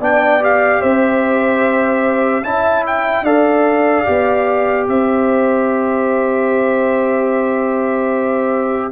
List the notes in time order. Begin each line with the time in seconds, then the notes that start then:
0.00 B3 D4 D5 G5
0.41 G4 F5
0.81 C4 C5 E5
2.43 C#4 E4 E5 A5
2.87 G5
3.23 D4 A4 D5 F5
4.05 B3 G4
4.88 C4 C5 E5